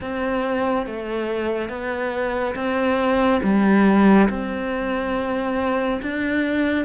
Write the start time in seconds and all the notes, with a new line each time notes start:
0.00 C4
0.86 A3
1.69 B3
2.55 C4
3.43 G3
4.29 C4
6.02 D4